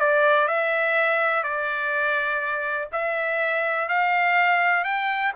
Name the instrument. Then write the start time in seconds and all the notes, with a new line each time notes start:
trumpet
0.00 D5
0.48 E5
1.43 D5
2.92 E5
3.89 F5
4.84 G5